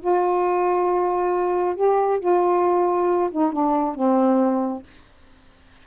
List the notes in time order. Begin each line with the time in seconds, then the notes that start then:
0.00 F4
1.76 G4
2.20 F4
3.31 D#4
3.52 D4
3.95 C4